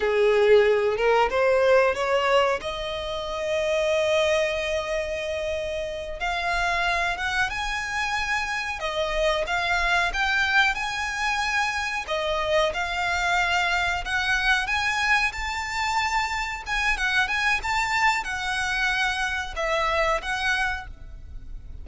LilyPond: \new Staff \with { instrumentName = "violin" } { \time 4/4 \tempo 4 = 92 gis'4. ais'8 c''4 cis''4 | dis''1~ | dis''4. f''4. fis''8 gis''8~ | gis''4. dis''4 f''4 g''8~ |
g''8 gis''2 dis''4 f''8~ | f''4. fis''4 gis''4 a''8~ | a''4. gis''8 fis''8 gis''8 a''4 | fis''2 e''4 fis''4 | }